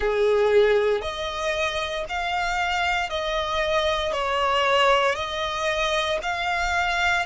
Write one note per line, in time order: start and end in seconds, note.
0.00 1.01 G#4
1.01 2.05 D#5
2.08 3.09 F5
3.09 4.12 D#5
4.12 5.15 C#5
5.15 6.18 D#5
6.22 7.25 F5